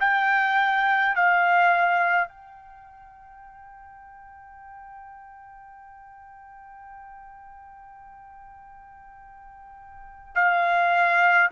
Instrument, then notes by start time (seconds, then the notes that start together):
trumpet
0.00 G5
1.15 F5
2.28 G5
10.34 F5